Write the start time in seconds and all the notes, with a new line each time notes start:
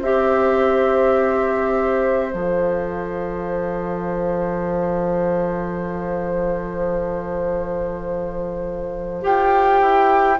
0.00 C4 G4 C5 E5
2.32 F3 A4 F5
9.21 F4 G4 G5
9.81 E4